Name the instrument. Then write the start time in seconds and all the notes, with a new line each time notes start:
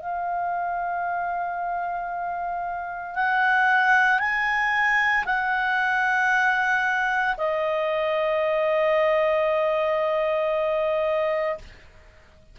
clarinet
0.00 F5
3.15 F#5
4.20 G#5
5.25 F#5
7.37 D#5